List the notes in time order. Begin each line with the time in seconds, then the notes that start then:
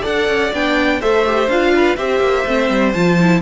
0.00 D4 A4 D5 F#5
0.27 C#4
0.52 B3 D4 G5
1.00 A3 A4 C5 E5
1.25 G4
1.48 D4 F4 F5
1.75 B4
1.96 C4 G4 C5 E5
2.20 A#3
2.45 A3 C4
2.69 G3
2.92 F3 F4 A5
3.20 E4